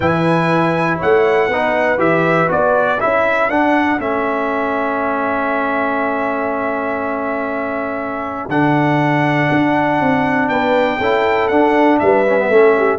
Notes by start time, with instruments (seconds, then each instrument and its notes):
0.00 tuba E3, trombone E4, horn B4, trumpet G#5
0.97 tuba A3, horn C#5, trumpet F#5
1.48 tuba B3, trombone D#4, horn B4
1.97 tuba E3, trombone G4, trumpet E5
2.47 tuba B3, trombone F#4, trumpet D5
2.99 tuba C#4, trombone E4, horn A4, trumpet E5
3.49 tuba D4, trombone D4, trumpet F#5
3.98 tuba A3, trombone C#4, trumpet E5
8.48 tuba D3, trombone D4, trumpet F#5
9.51 tuba D4
10.00 tuba C4
10.48 tuba B3, horn B4, trumpet G5
10.98 tuba C#4, trombone E4, horn A4
11.48 tuba D4, trombone D4, trumpet F#5
11.99 tuba G3, horn B4, trumpet E5
12.26 trombone C#4
12.38 trombone B3
12.49 tuba A3, trombone C#4, horn A4
12.78 horn G4